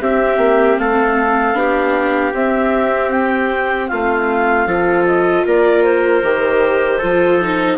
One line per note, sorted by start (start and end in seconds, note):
0.00 1.54 C4
0.00 0.37 C4
0.00 0.80 G4
0.00 0.78 E5
0.37 0.76 A#3
0.78 1.53 A3
0.78 1.58 A4
0.78 2.34 F5
1.53 2.31 B3
1.53 2.32 D4
1.53 3.90 G4
2.33 3.89 C4
2.33 4.68 C4
2.33 3.10 E5
3.10 3.88 G5
3.88 4.66 A3
3.88 4.67 F4
3.88 5.05 F5
4.66 5.44 F3
4.66 6.23 F4
4.66 5.45 A4
5.06 5.45 D#5
5.45 6.23 A#3
5.45 6.98 A#4
5.45 5.83 D5
5.83 7.77 C5
6.23 7.01 D#3
6.23 7.01 G4
6.98 7.77 F3
6.98 7.41 F4
6.98 7.75 A4
7.41 7.77 D#4